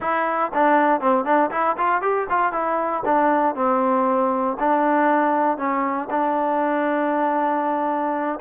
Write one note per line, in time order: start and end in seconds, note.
0.00 0.51 E4
0.53 1.00 D4
1.00 1.25 C4
1.25 1.50 D4
1.50 1.76 E4
1.77 2.01 F4
2.01 2.27 G4
2.29 2.52 F4
2.52 3.03 E4
3.05 3.55 D4
3.55 4.57 C4
4.59 5.57 D4
5.57 6.08 C#4
6.10 8.39 D4